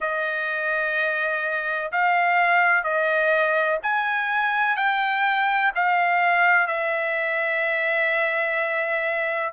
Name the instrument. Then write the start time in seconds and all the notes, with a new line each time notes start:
trumpet
0.00 D#5
1.92 F5
2.83 D#5
3.82 G#5
4.76 G5
5.74 F5
6.67 E5